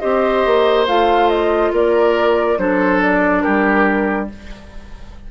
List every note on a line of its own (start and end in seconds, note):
0.00 0.46 C4
0.00 0.86 G4
0.00 1.72 C5
0.00 0.86 D#5
0.46 0.88 A#3
0.87 1.72 A3
0.87 2.58 F4
0.87 1.29 F5
1.29 1.72 D#5
1.72 2.58 A#3
1.72 2.59 A#4
1.72 2.59 D5
2.58 3.44 F#3
2.58 4.30 D4
2.58 3.43 A4
2.58 3.02 C5
3.02 3.42 D5
3.42 4.31 G3
3.42 4.29 G4
3.42 4.28 A#4